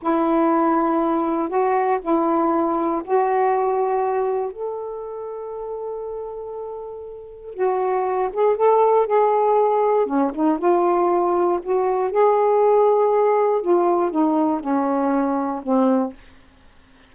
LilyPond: \new Staff \with { instrumentName = "saxophone" } { \time 4/4 \tempo 4 = 119 e'2. fis'4 | e'2 fis'2~ | fis'4 a'2.~ | a'2. fis'4~ |
fis'8 gis'8 a'4 gis'2 | cis'8 dis'8 f'2 fis'4 | gis'2. f'4 | dis'4 cis'2 c'4 | }